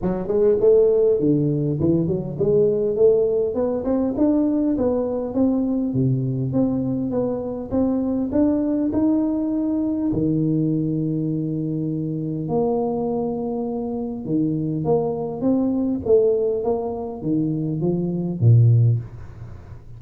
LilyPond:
\new Staff \with { instrumentName = "tuba" } { \time 4/4 \tempo 4 = 101 fis8 gis8 a4 d4 e8 fis8 | gis4 a4 b8 c'8 d'4 | b4 c'4 c4 c'4 | b4 c'4 d'4 dis'4~ |
dis'4 dis2.~ | dis4 ais2. | dis4 ais4 c'4 a4 | ais4 dis4 f4 ais,4 | }